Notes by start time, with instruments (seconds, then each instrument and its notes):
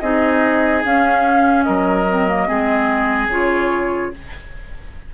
0.00 bassoon C4, clarinet D#4, oboe G#4, flute D#5
0.85 clarinet C#4, bassoon C#4, flute F5
1.63 bassoon F#3, oboe A#4, flute D#5
2.09 clarinet C4
2.28 clarinet A#3
2.47 bassoon G#3, clarinet C4, oboe G#4
3.27 bassoon C#3, clarinet F4, flute C#5